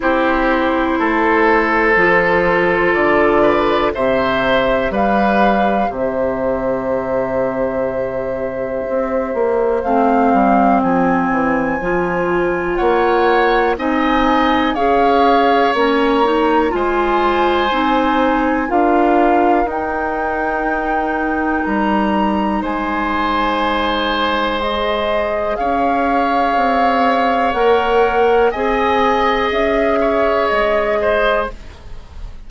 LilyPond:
<<
  \new Staff \with { instrumentName = "flute" } { \time 4/4 \tempo 4 = 61 c''2. d''4 | e''4 f''4 e''2~ | e''2 f''4 gis''4~ | gis''4 fis''4 gis''4 f''4 |
ais''4 gis''2 f''4 | g''2 ais''4 gis''4~ | gis''4 dis''4 f''2 | fis''4 gis''4 e''4 dis''4 | }
  \new Staff \with { instrumentName = "oboe" } { \time 4/4 g'4 a'2~ a'8 b'8 | c''4 b'4 c''2~ | c''1~ | c''4 cis''4 dis''4 cis''4~ |
cis''4 c''2 ais'4~ | ais'2. c''4~ | c''2 cis''2~ | cis''4 dis''4. cis''4 c''8 | }
  \new Staff \with { instrumentName = "clarinet" } { \time 4/4 e'2 f'2 | g'1~ | g'2 c'2 | f'2 dis'4 gis'4 |
cis'8 dis'8 f'4 dis'4 f'4 | dis'1~ | dis'4 gis'2. | ais'4 gis'2. | }
  \new Staff \with { instrumentName = "bassoon" } { \time 4/4 c'4 a4 f4 d4 | c4 g4 c2~ | c4 c'8 ais8 a8 g8 f8 e8 | f4 ais4 c'4 cis'4 |
ais4 gis4 c'4 d'4 | dis'2 g4 gis4~ | gis2 cis'4 c'4 | ais4 c'4 cis'4 gis4 | }
>>